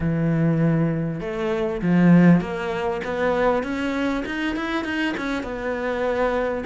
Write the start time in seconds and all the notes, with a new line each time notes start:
0.00 E3
1.20 A3
1.81 F3
2.40 A#3
3.04 B3
3.63 C#4
4.25 D#4
4.56 E4
4.84 D#4
5.17 C#4
5.43 B3